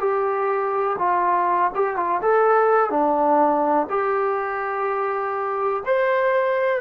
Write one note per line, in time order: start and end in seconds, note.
0.00 0.97 G4
0.99 1.72 F4
1.75 1.97 G4
1.97 2.21 F4
2.22 2.90 A4
2.90 3.87 D4
3.90 5.83 G4
5.86 6.81 C5